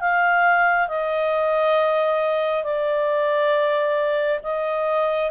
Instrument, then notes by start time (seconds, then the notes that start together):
clarinet
0.00 F5
0.88 D#5
2.63 D5
4.43 D#5